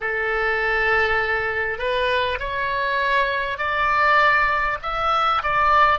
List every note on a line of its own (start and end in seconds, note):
0.01 1.78 A4
1.78 2.38 B4
2.39 3.58 C#5
3.58 4.78 D5
4.82 5.42 E5
5.43 5.99 D5